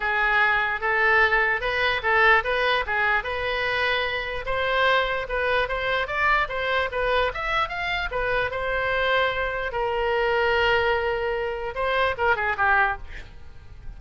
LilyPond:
\new Staff \with { instrumentName = "oboe" } { \time 4/4 \tempo 4 = 148 gis'2 a'2 | b'4 a'4 b'4 gis'4 | b'2. c''4~ | c''4 b'4 c''4 d''4 |
c''4 b'4 e''4 f''4 | b'4 c''2. | ais'1~ | ais'4 c''4 ais'8 gis'8 g'4 | }